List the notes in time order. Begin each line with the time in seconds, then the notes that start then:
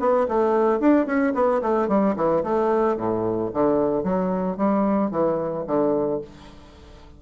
0.00 B3
0.28 A3
0.80 D4
1.06 C#4
1.34 B3
1.62 A3
1.88 G3
2.16 E3
2.44 A3
2.97 A2
3.54 D3
4.03 F#3
4.57 G3
5.11 E3
5.67 D3